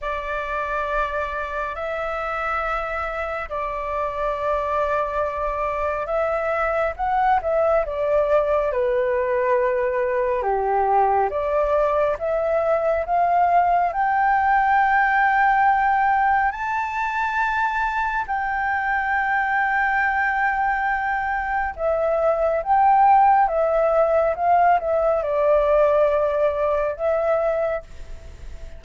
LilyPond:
\new Staff \with { instrumentName = "flute" } { \time 4/4 \tempo 4 = 69 d''2 e''2 | d''2. e''4 | fis''8 e''8 d''4 b'2 | g'4 d''4 e''4 f''4 |
g''2. a''4~ | a''4 g''2.~ | g''4 e''4 g''4 e''4 | f''8 e''8 d''2 e''4 | }